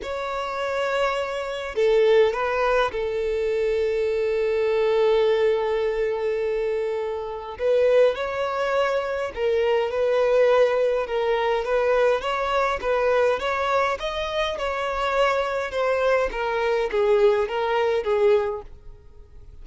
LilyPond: \new Staff \with { instrumentName = "violin" } { \time 4/4 \tempo 4 = 103 cis''2. a'4 | b'4 a'2.~ | a'1~ | a'4 b'4 cis''2 |
ais'4 b'2 ais'4 | b'4 cis''4 b'4 cis''4 | dis''4 cis''2 c''4 | ais'4 gis'4 ais'4 gis'4 | }